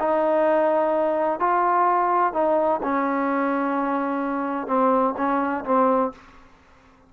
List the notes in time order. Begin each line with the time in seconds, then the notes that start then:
0.00 D#4
1.40 F4
2.33 D#4
2.83 C#4
4.68 C4
5.17 C#4
5.65 C4